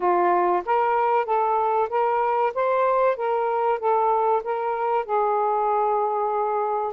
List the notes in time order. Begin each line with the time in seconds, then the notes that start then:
0.00 F4
0.65 A#4
1.25 A4
1.89 A#4
2.54 C5
3.16 A#4
3.79 A4
4.43 A#4
5.05 G#4